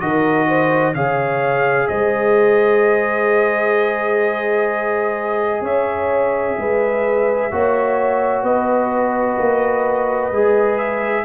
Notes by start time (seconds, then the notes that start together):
0.00 D#3 F#4 A#4 D#5
0.48 C5
0.94 C#3 G#4 C#5 F5
1.88 G#3 C5 D#5
5.61 C#4 C#5 E5
6.58 G#3 B4
7.51 A#3 F#4 C#5
8.43 B3 B4 D#5
9.39 A#3
10.31 G#3 G#4
10.78 E5